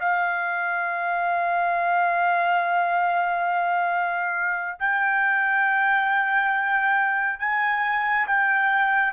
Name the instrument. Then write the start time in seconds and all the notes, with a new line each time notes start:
trumpet
0.00 F5
4.79 G5
7.40 G#5
8.27 G5